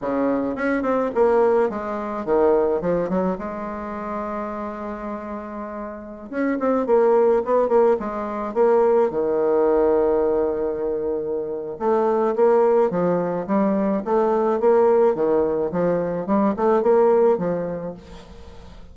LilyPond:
\new Staff \with { instrumentName = "bassoon" } { \time 4/4 \tempo 4 = 107 cis4 cis'8 c'8 ais4 gis4 | dis4 f8 fis8 gis2~ | gis2.~ gis16 cis'8 c'16~ | c'16 ais4 b8 ais8 gis4 ais8.~ |
ais16 dis2.~ dis8.~ | dis4 a4 ais4 f4 | g4 a4 ais4 dis4 | f4 g8 a8 ais4 f4 | }